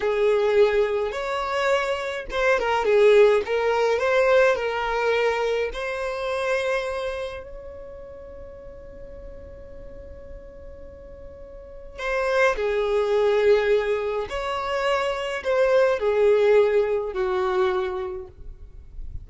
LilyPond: \new Staff \with { instrumentName = "violin" } { \time 4/4 \tempo 4 = 105 gis'2 cis''2 | c''8 ais'8 gis'4 ais'4 c''4 | ais'2 c''2~ | c''4 cis''2.~ |
cis''1~ | cis''4 c''4 gis'2~ | gis'4 cis''2 c''4 | gis'2 fis'2 | }